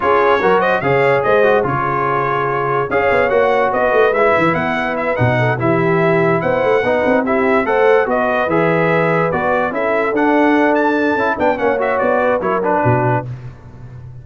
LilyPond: <<
  \new Staff \with { instrumentName = "trumpet" } { \time 4/4 \tempo 4 = 145 cis''4. dis''8 f''4 dis''4 | cis''2. f''4 | fis''4 dis''4 e''4 fis''4 | e''8 fis''4 e''2 fis''8~ |
fis''4. e''4 fis''4 dis''8~ | dis''8 e''2 d''4 e''8~ | e''8 fis''4. a''4. g''8 | fis''8 e''8 d''4 cis''8 b'4. | }
  \new Staff \with { instrumentName = "horn" } { \time 4/4 gis'4 ais'8 c''8 cis''4 c''4 | gis'2. cis''4~ | cis''4 b'2.~ | b'4 a'8 g'2 c''8~ |
c''8 b'4 g'4 c''4 b'8~ | b'2.~ b'8 a'8~ | a'2.~ a'8 b'8 | cis''4. b'8 ais'4 fis'4 | }
  \new Staff \with { instrumentName = "trombone" } { \time 4/4 f'4 fis'4 gis'4. fis'8 | f'2. gis'4 | fis'2 e'2~ | e'8 dis'4 e'2~ e'8~ |
e'8 dis'4 e'4 a'4 fis'8~ | fis'8 gis'2 fis'4 e'8~ | e'8 d'2~ d'8 e'8 d'8 | cis'8 fis'4. e'8 d'4. | }
  \new Staff \with { instrumentName = "tuba" } { \time 4/4 cis'4 fis4 cis4 gis4 | cis2. cis'8 b8 | ais4 b8 a8 gis8 e8 b4~ | b8 b,4 e2 b8 |
a8 b8 c'4. a4 b8~ | b8 e2 b4 cis'8~ | cis'8 d'2~ d'8 cis'8 b8 | ais4 b4 fis4 b,4 | }
>>